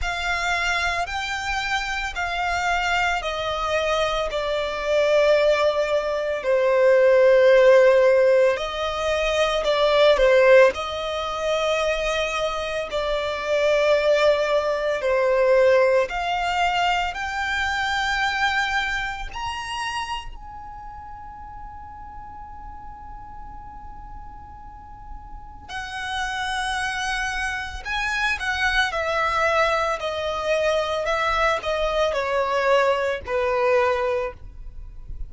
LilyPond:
\new Staff \with { instrumentName = "violin" } { \time 4/4 \tempo 4 = 56 f''4 g''4 f''4 dis''4 | d''2 c''2 | dis''4 d''8 c''8 dis''2 | d''2 c''4 f''4 |
g''2 ais''4 gis''4~ | gis''1 | fis''2 gis''8 fis''8 e''4 | dis''4 e''8 dis''8 cis''4 b'4 | }